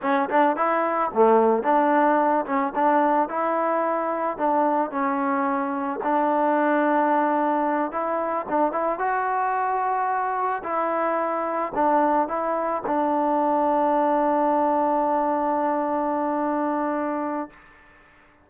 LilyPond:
\new Staff \with { instrumentName = "trombone" } { \time 4/4 \tempo 4 = 110 cis'8 d'8 e'4 a4 d'4~ | d'8 cis'8 d'4 e'2 | d'4 cis'2 d'4~ | d'2~ d'8 e'4 d'8 |
e'8 fis'2. e'8~ | e'4. d'4 e'4 d'8~ | d'1~ | d'1 | }